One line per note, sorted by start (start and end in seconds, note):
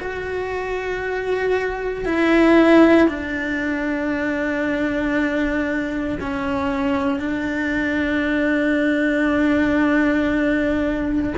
0.00 2.05 F#4
2.05 3.08 E4
3.08 6.19 D4
6.21 7.20 C#4
7.20 11.34 D4